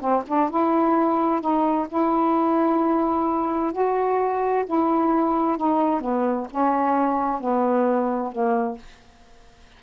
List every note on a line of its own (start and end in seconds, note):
0.00 0.23 C4
0.27 0.50 D4
0.50 1.41 E4
1.41 1.87 D#4
1.88 3.72 E4
3.72 4.65 F#4
4.66 5.57 E4
5.57 6.01 D#4
6.01 6.47 B3
6.50 7.41 C#4
7.41 8.32 B3
8.32 8.78 A#3